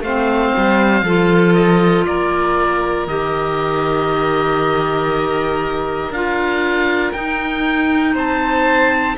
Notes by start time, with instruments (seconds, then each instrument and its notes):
0.00 cello A3, clarinet C4, violin C5, oboe F5
0.57 cello G3
1.02 cello F3, clarinet F4, violin A4
1.54 oboe D#5
2.06 cello A#3, violin A#4, oboe D5
3.07 cello D#3, clarinet G4, oboe D#5
6.10 cello D4, clarinet F4, oboe F5
7.12 clarinet D#4, cello D#4, oboe G5
8.14 cello C4, violin C5, oboe A5